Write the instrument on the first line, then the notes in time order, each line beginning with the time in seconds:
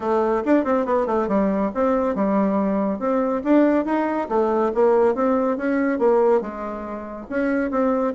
bassoon
0.00 A3
0.45 D4
0.64 C4
0.85 B3
1.06 A3
1.28 G3
1.74 C4
2.15 G3
2.99 C4
3.43 D4
3.85 D#4
4.29 A3
4.74 A#3
5.14 C4
5.57 C#4
5.98 A#3
6.41 G#3
7.29 C#4
7.70 C4